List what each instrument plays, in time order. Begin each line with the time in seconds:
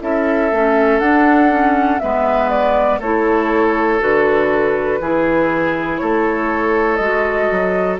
0.00 bassoon C#4, clarinet E4, oboe A4, flute E5
0.51 bassoon A3, clarinet C#4
0.99 bassoon D4, clarinet D4, flute F#5
1.50 clarinet C#4
1.99 bassoon G#3, clarinet B3, oboe B4, flute E5
2.49 flute D5
2.98 bassoon A3, clarinet E4, oboe A4, flute C#5
3.99 bassoon D3, clarinet F#4, flute B4
5.00 bassoon E3, clarinet E4, oboe G#4
5.97 bassoon A3, oboe A4, flute C#5
6.95 bassoon G#3, clarinet F#4, flute D#5
7.50 bassoon F#3